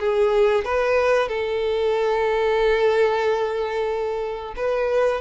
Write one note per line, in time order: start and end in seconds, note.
0.00 0.65 G#4
0.65 1.29 B4
1.29 4.55 A4
4.56 5.21 B4